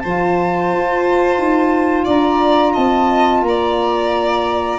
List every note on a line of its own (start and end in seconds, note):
0.00 0.72 F3
0.00 4.79 F4
0.00 2.05 C5
0.00 2.05 A5
0.72 1.38 F4
1.38 2.06 D#4
2.05 2.76 D4
2.05 2.73 D5
2.05 2.76 A#5
2.73 3.42 C4
2.73 3.41 D#5
2.73 3.44 A5
3.42 4.78 A#3
3.42 4.79 A#5
3.48 4.79 D5